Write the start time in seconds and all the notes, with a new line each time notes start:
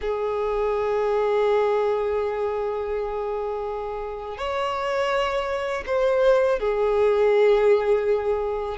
0.01 G#4
4.37 C#5
5.86 C5
6.59 G#4